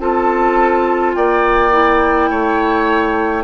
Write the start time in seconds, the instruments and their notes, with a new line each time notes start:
0.00 bassoon C4, clarinet F4, oboe A4, flute A5
1.15 bassoon A#3, oboe D5, flute G5
1.72 clarinet E4
2.31 bassoon A3, oboe C#5